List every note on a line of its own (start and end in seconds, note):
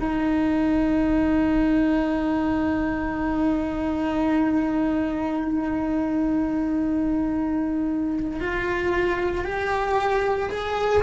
0.00 8.41 D#4
8.41 9.45 F4
9.45 10.50 G4
10.50 11.03 G#4